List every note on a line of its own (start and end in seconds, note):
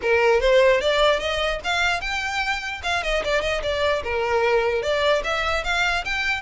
0.02 0.40 A#4
0.40 0.80 C5
0.80 1.19 D5
1.19 1.60 D#5
1.64 2.00 F5
2.00 2.81 G5
2.83 3.03 F5
3.03 3.23 D#5
3.24 3.41 D5
3.41 3.61 D#5
3.62 4.03 D5
4.03 4.82 A#4
4.82 5.22 D5
5.23 5.64 E5
5.64 6.04 F5
6.05 6.41 G5